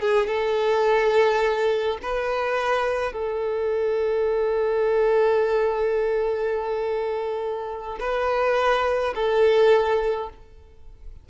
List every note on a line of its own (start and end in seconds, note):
0.00 0.26 G#4
0.26 1.97 A4
2.02 3.12 B4
3.12 7.98 A4
7.99 9.14 B4
9.15 10.29 A4